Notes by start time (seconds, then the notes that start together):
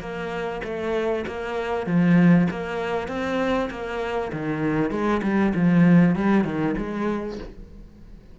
0.00 A#3
0.64 A3
1.27 A#3
1.87 F3
2.51 A#3
3.08 C4
3.71 A#3
4.32 D#3
4.91 G#3
5.23 G3
5.55 F3
6.16 G3
6.45 D#3
6.78 G#3